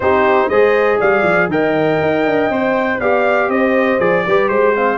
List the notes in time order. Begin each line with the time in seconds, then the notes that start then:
0.00 C4 D#4 G4 C5
0.48 G#3 G#4 C5 D#5
0.99 G3 D5 F5
1.23 F3
1.48 D#3 A#4 D#5 G5
2.01 D#4
2.25 D4
2.49 C4 C5
3.00 B3 G4 D5 F5
3.48 C4 C5 D#5
3.99 F3 G#4 D5
4.26 G3 G4 B4
4.48 G#3 C5
4.75 C4 F5